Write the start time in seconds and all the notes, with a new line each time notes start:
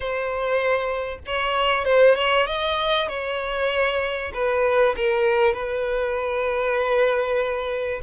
0.00 C5
1.26 C#5
1.84 C5
2.15 C#5
2.46 D#5
3.08 C#5
4.33 B4
4.96 A#4
5.53 B4